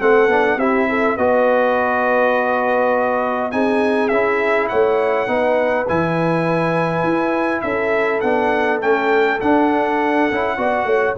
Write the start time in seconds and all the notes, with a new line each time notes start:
0.00 A3 C4 A4 F#5
0.28 B3 D4
0.56 C4 E4 G4 E5
0.89 A4
1.17 B3 F#4 B4 D#5
3.51 C4 D#4 G#4 G#5
4.09 C#4 E4 E5
4.69 A3 C#5 F#5
5.27 B3 D#4 B4
5.88 E3 E4 G#5
7.04 E4
7.62 C#4 A4 E5
8.21 B3 D4 F#5
8.81 A3 C#4 G5
9.41 D4 F#5
10.31 C#4 E4
10.57 B3 F#4 D5
10.85 A3 C#5